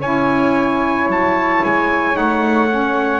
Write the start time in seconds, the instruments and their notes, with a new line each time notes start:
0.00 double bass C#4, saxophone E4, flute C#5, trumpet G#5
1.06 double bass F#3, trumpet A5
1.64 double bass G#3, trumpet G#5
2.13 double bass A3, saxophone D#4, trumpet F#5
2.70 saxophone C#4